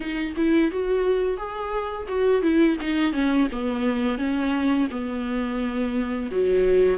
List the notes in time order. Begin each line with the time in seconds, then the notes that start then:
0.00 D#4
0.36 E4
0.71 F#4
1.37 G#4
2.07 F#4
2.42 E4
2.81 D#4
3.12 C#4
3.52 B3
4.18 C#4
4.90 B3
6.31 F#3